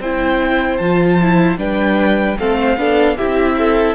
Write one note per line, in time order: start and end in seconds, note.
0.00 0.79 C4
0.00 0.81 E4
0.00 1.59 C5
0.00 0.77 G5
0.77 1.57 F3
0.77 1.20 F4
0.77 1.56 A5
1.22 1.58 E4
1.57 2.36 G3
1.57 2.37 D4
1.57 2.38 B4
1.57 2.38 G5
2.39 2.77 A3
2.39 2.78 C4
2.39 2.59 A4
2.39 3.18 F5
2.59 2.79 C5
2.77 3.16 B3
2.77 3.18 D4
2.77 3.17 A4
3.17 3.95 C4
3.17 3.95 E4
3.17 3.57 G4
3.17 3.95 E5
3.58 3.95 A4